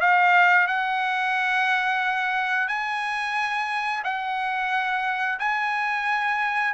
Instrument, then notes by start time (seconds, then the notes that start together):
trumpet
0.00 F5
0.67 F#5
2.68 G#5
4.04 F#5
5.39 G#5